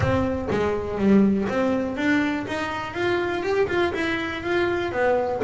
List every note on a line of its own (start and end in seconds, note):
0.00 0.49 C4
0.50 0.98 G#3
0.98 1.47 G3
1.48 1.96 C4
1.96 2.45 D4
2.47 2.94 D#4
2.94 3.42 F4
3.42 3.67 G4
3.67 3.92 F4
3.94 4.43 E4
4.43 4.92 F4
4.92 5.41 B3